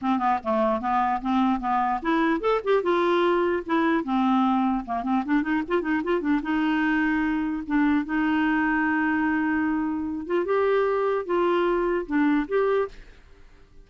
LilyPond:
\new Staff \with { instrumentName = "clarinet" } { \time 4/4 \tempo 4 = 149 c'8 b8 a4 b4 c'4 | b4 e'4 a'8 g'8 f'4~ | f'4 e'4 c'2 | ais8 c'8 d'8 dis'8 f'8 dis'8 f'8 d'8 |
dis'2. d'4 | dis'1~ | dis'4. f'8 g'2 | f'2 d'4 g'4 | }